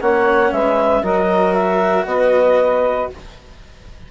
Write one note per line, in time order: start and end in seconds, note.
0.00 0.51 A#3
0.00 1.03 C#4
0.00 0.52 C#5
0.00 0.52 F#5
0.51 1.02 G#3
0.51 1.02 B4
0.51 1.04 E5
1.02 2.05 F#3
1.02 3.10 F#4
1.02 2.05 A#4
1.02 1.53 D#5
1.53 2.05 E5
2.05 3.09 B3
2.05 3.11 B4
2.05 3.09 D#5